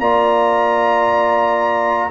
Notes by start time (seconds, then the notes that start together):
0.00 A#3 F4 D5 A#5